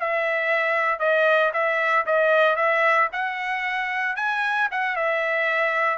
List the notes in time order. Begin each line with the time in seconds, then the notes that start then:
0.00 E5
0.99 D#5
1.53 E5
2.06 D#5
2.56 E5
3.12 F#5
4.16 G#5
4.71 F#5
4.96 E5